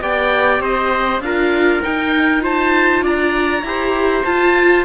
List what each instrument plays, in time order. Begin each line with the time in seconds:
0.00 cello B3, viola G4, trumpet D5, oboe G5
0.59 cello C4, trumpet C5, oboe D#5
1.20 cello D4, viola F4, trumpet A#4, oboe F5
1.82 viola D#4, cello D#4, oboe G5
2.40 viola F4, trumpet C5, oboe A5
3.01 cello D4, trumpet D5, oboe A#5
3.62 cello E4, viola G4, trumpet C5
4.24 cello F4, viola F4, oboe A5